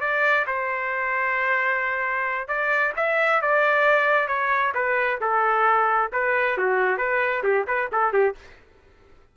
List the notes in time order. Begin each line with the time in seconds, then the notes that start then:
0.00 D5
0.46 C5
2.48 D5
2.96 E5
3.41 D5
4.27 C#5
4.74 B4
5.20 A4
6.12 B4
6.57 F#4
6.97 B4
7.43 G4
7.67 B4
7.92 A4
8.12 G4